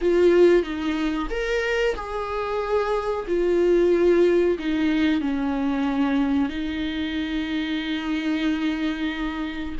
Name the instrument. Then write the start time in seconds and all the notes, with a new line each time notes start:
viola
0.01 F4
0.63 D#4
1.30 A#4
1.95 G#4
3.27 F4
4.58 D#4
5.21 C#4
6.49 D#4